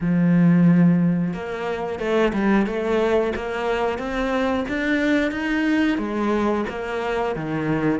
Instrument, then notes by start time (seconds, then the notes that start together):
cello
0.00 F3
1.33 A#3
1.99 A3
2.33 G3
2.66 A3
3.35 A#3
3.98 C4
4.68 D4
5.31 D#4
5.98 G#3
6.68 A#3
7.35 D#3